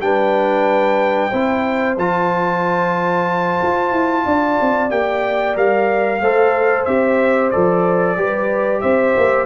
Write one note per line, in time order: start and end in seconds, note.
0.00 1.30 G3
0.00 1.31 D4
0.00 1.30 B4
0.00 1.96 G5
1.30 1.97 C4
1.30 1.98 E4
1.30 4.24 C5
1.97 3.60 F3
1.97 4.90 F4
1.97 4.91 A5
3.62 3.92 F4
3.92 4.24 E4
4.26 4.58 D4
4.26 6.22 D5
4.61 4.91 C4
4.90 5.56 A#3
4.90 5.55 G4
4.90 5.56 G5
5.55 6.21 G3
5.55 6.20 A#4
5.55 6.85 F5
6.21 6.86 A3
6.21 6.87 A4
6.21 8.17 C5
6.85 7.52 C4
6.85 7.52 G4
6.85 7.50 E5
7.51 8.17 F3
7.51 8.17 A4
7.51 8.81 D5
8.17 8.82 G3
8.17 9.46 G4
8.17 8.82 B4
8.81 9.16 C4
8.81 9.46 C5
8.81 9.46 E5
9.17 9.46 A#3